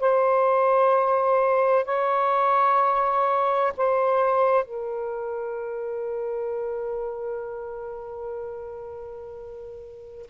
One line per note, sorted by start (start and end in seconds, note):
0.00 1.85 C5
1.85 3.73 C#5
3.78 4.65 C5
4.65 10.27 A#4